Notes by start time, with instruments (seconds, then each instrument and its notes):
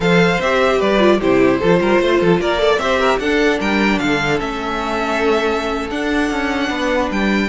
0.00 cello F3, viola A4, violin C5 F5
0.40 cello C4, viola G4, violin E5
0.78 cello G3, violin B4 D5
0.99 viola F4
1.21 cello C3, viola E4, violin G4 C5
1.59 cello F3, viola F4, violin A4
1.80 cello G3, violin A#4
2.00 cello A3, violin C5
2.20 cello F3, violin A4
2.38 cello A#3, violin A#4 D5
2.58 viola A4, violin D5
2.78 cello C4, viola G4, violin C5 E5
2.99 violin A#4
3.18 cello D4, viola D4, violin A4 F#5
3.59 cello G3, violin A#4 G5
3.98 cello D3, violin A4 F5
4.39 cello A3, viola C#4, violin E5
5.90 viola D4, cello D4, violin F#5
6.30 cello C#4
6.69 cello B3, violin B4
7.10 cello G3, violin G5